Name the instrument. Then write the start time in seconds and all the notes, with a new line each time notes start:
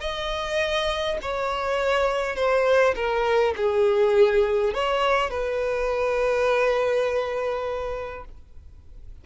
violin
0.00 D#5
1.22 C#5
2.36 C5
2.95 A#4
3.56 G#4
4.74 C#5
5.30 B4